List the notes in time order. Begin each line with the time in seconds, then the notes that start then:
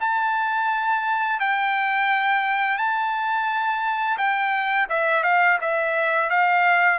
0.00 A5
1.40 G5
2.78 A5
4.18 G5
4.89 E5
5.23 F5
5.61 E5
6.29 F5